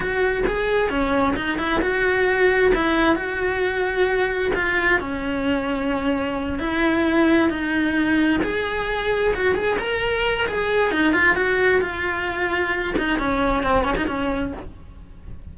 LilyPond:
\new Staff \with { instrumentName = "cello" } { \time 4/4 \tempo 4 = 132 fis'4 gis'4 cis'4 dis'8 e'8 | fis'2 e'4 fis'4~ | fis'2 f'4 cis'4~ | cis'2~ cis'8 e'4.~ |
e'8 dis'2 gis'4.~ | gis'8 fis'8 gis'8 ais'4. gis'4 | dis'8 f'8 fis'4 f'2~ | f'8 dis'8 cis'4 c'8 cis'16 dis'16 cis'4 | }